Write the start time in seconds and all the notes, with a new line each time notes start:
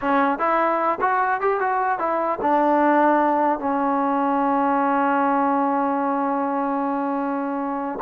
0.01 C#4
0.38 E4
1.00 F#4
1.40 G4
1.60 F#4
1.99 E4
2.41 D4
3.59 C#4